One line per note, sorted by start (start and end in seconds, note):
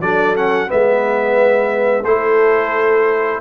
0.00 0.68 F#3
0.00 0.35 D4
0.00 0.69 A4
0.00 0.35 D5
0.35 0.67 C#4
0.35 0.70 F#5
0.67 2.03 G#3
0.67 2.04 B3
0.67 2.05 B4
0.67 2.04 E5
2.03 3.40 A3
2.03 3.41 E4
2.03 3.41 A4
2.03 3.40 C5